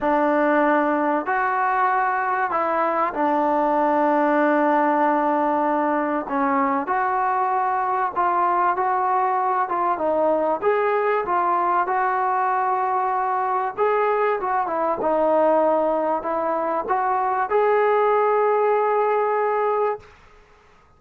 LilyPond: \new Staff \with { instrumentName = "trombone" } { \time 4/4 \tempo 4 = 96 d'2 fis'2 | e'4 d'2.~ | d'2 cis'4 fis'4~ | fis'4 f'4 fis'4. f'8 |
dis'4 gis'4 f'4 fis'4~ | fis'2 gis'4 fis'8 e'8 | dis'2 e'4 fis'4 | gis'1 | }